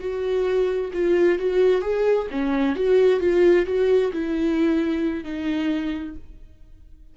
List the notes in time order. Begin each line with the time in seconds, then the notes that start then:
0.00 F#4
0.94 F4
1.39 F#4
1.82 G#4
2.32 C#4
2.76 F#4
3.21 F4
3.66 F#4
4.13 E4
5.24 D#4